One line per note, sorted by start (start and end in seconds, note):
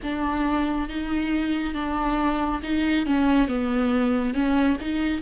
0.02 0.88 D4
0.88 1.74 D#4
1.74 2.61 D4
2.62 3.06 D#4
3.06 3.47 C#4
3.47 4.34 B3
4.34 4.77 C#4
4.80 5.21 D#4